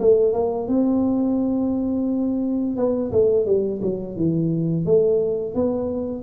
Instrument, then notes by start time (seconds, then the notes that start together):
tuba
0.00 A3
0.33 A#3
0.68 C4
2.77 B3
3.12 A3
3.46 G3
3.82 F#3
4.16 E3
4.86 A3
5.55 B3